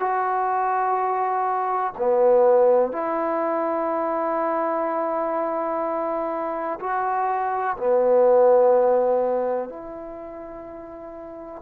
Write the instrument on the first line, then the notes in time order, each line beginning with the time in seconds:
trombone
0.00 F#4
1.98 B3
2.93 E4
6.80 F#4
7.78 B3
9.70 E4